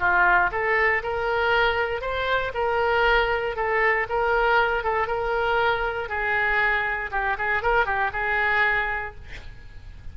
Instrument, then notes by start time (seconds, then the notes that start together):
oboe
0.00 F4
0.52 A4
1.03 A#4
2.02 C5
2.55 A#4
3.56 A4
4.10 A#4
4.84 A4
5.08 A#4
6.09 G#4
7.12 G4
7.39 G#4
7.63 A#4
7.86 G4
8.13 G#4